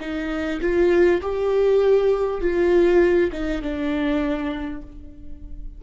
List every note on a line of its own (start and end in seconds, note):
0.00 0.60 D#4
0.61 1.21 F4
1.21 2.41 G4
2.41 3.31 F4
3.32 3.62 D#4
3.62 4.82 D4